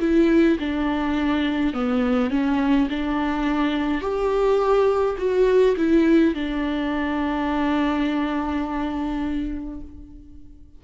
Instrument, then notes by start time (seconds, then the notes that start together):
viola
0.00 E4
0.59 D4
1.74 B3
2.30 C#4
2.90 D4
4.01 G4
5.18 F#4
5.77 E4
6.35 D4